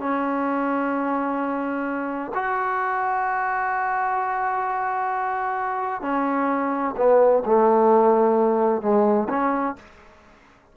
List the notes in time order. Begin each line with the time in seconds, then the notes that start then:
0.00 C#4
2.35 F#4
6.02 C#4
6.97 B3
7.46 A3
8.82 G#3
9.30 C#4